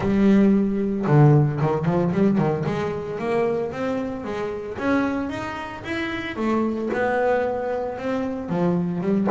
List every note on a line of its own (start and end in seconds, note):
0.00 1.05 G3
1.06 1.60 D3
1.60 1.85 D#3
1.85 2.11 F3
2.12 2.38 G3
2.38 2.64 D#3
2.65 3.18 G#3
3.18 3.71 A#3
3.72 4.24 C4
4.24 4.77 G#3
4.78 5.29 C#4
5.29 5.82 D#4
5.84 6.36 E4
6.36 6.89 A3
6.93 7.98 B3
7.98 8.49 C4
8.49 9.01 F3
9.01 9.27 G3